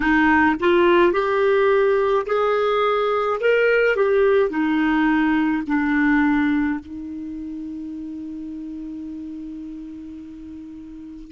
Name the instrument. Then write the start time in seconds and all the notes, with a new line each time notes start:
clarinet
0.00 D#4
0.60 F4
1.13 G4
2.26 G#4
3.40 A#4
3.96 G4
4.50 D#4
5.67 D4
6.79 D#4